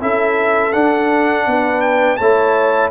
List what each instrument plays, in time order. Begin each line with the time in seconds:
0.00 tuba C#4, trombone E4, horn A4, trumpet E5
0.72 tuba D4, trombone D4, trumpet F#5
1.46 tuba B3, horn B4
1.81 trumpet G5
2.16 tuba A3, trombone E4, horn C#5, trumpet A5